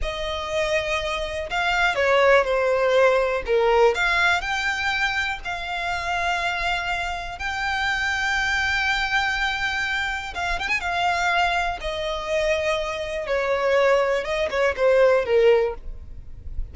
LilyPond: \new Staff \with { instrumentName = "violin" } { \time 4/4 \tempo 4 = 122 dis''2. f''4 | cis''4 c''2 ais'4 | f''4 g''2 f''4~ | f''2. g''4~ |
g''1~ | g''4 f''8 g''16 gis''16 f''2 | dis''2. cis''4~ | cis''4 dis''8 cis''8 c''4 ais'4 | }